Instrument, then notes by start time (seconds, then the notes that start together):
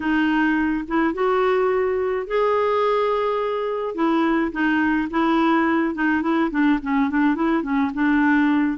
clarinet
0.00 D#4
0.87 E4
1.13 F#4
2.27 G#4
3.95 E4
4.52 D#4
5.10 E4
5.95 D#4
6.22 E4
6.51 D4
6.82 C#4
7.10 D4
7.35 E4
7.62 C#4
7.94 D4